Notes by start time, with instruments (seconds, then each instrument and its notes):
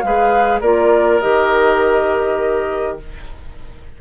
0.00 bassoon G#3, clarinet G#4, oboe B4, flute F5
0.61 bassoon A#3, clarinet F4, oboe A#4, flute D5
1.20 bassoon D#3, clarinet G4, flute D#5